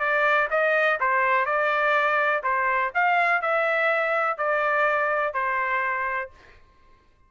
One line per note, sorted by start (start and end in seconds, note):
0.00 0.48 D5
0.51 0.99 D#5
1.00 1.46 C5
1.46 2.43 D5
2.44 2.92 C5
2.95 3.42 F5
3.42 4.38 E5
4.38 5.34 D5
5.34 6.30 C5